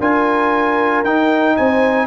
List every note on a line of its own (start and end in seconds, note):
0.00 1.04 D4
0.00 1.05 F4
0.00 1.57 A#4
0.00 1.05 G#5
1.04 1.57 D#4
1.04 2.07 D#4
1.04 1.57 G5
1.57 2.07 C4
1.57 2.07 C5
1.57 2.07 G#5